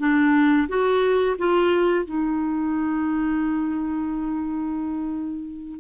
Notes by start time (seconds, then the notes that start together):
0.00 D4
0.69 F#4
1.39 F4
2.05 D#4